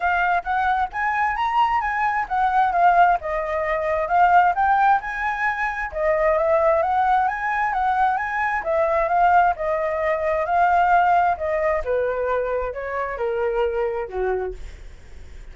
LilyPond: \new Staff \with { instrumentName = "flute" } { \time 4/4 \tempo 4 = 132 f''4 fis''4 gis''4 ais''4 | gis''4 fis''4 f''4 dis''4~ | dis''4 f''4 g''4 gis''4~ | gis''4 dis''4 e''4 fis''4 |
gis''4 fis''4 gis''4 e''4 | f''4 dis''2 f''4~ | f''4 dis''4 b'2 | cis''4 ais'2 fis'4 | }